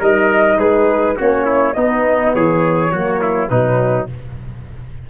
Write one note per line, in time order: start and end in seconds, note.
0.00 0.57 G3
0.00 1.17 D#4
0.00 0.58 A#4
0.00 0.60 D#5
0.57 1.15 G#3
0.57 1.17 G#4
0.57 1.18 B4
1.17 1.76 A#3
1.17 1.75 C#4
1.17 1.46 F#4
1.17 1.74 C#5
1.46 1.75 E4
1.74 2.93 B3
1.74 2.34 B3
1.74 2.35 D#4
1.74 2.32 D#5
2.34 2.93 E3
2.34 2.92 G#4
2.34 3.49 C#5
2.92 3.50 F#3
2.92 3.51 A#3
2.92 3.21 F#4
3.21 3.51 E4
3.49 4.09 B2
3.49 4.10 F#3
3.49 4.09 D#4
3.49 4.07 B4